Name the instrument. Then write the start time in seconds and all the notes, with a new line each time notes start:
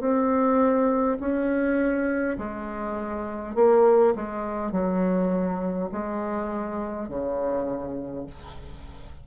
bassoon
0.00 C4
1.20 C#4
2.39 G#3
3.55 A#3
4.16 G#3
4.72 F#3
5.92 G#3
7.09 C#3